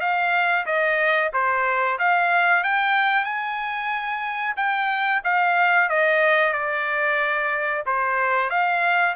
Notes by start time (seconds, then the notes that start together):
0.00 F5
0.66 D#5
1.33 C5
1.99 F5
2.63 G5
3.24 G#5
4.56 G5
5.24 F5
5.89 D#5
6.53 D5
7.86 C5
8.50 F5